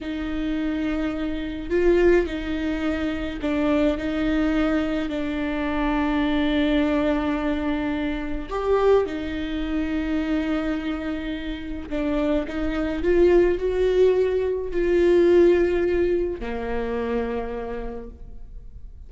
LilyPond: \new Staff \with { instrumentName = "viola" } { \time 4/4 \tempo 4 = 106 dis'2. f'4 | dis'2 d'4 dis'4~ | dis'4 d'2.~ | d'2. g'4 |
dis'1~ | dis'4 d'4 dis'4 f'4 | fis'2 f'2~ | f'4 ais2. | }